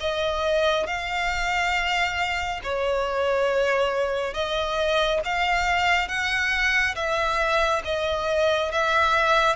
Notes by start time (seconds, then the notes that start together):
0.00 D#5
0.87 F5
2.63 C#5
4.34 D#5
5.25 F5
6.08 F#5
6.95 E5
7.85 D#5
8.72 E5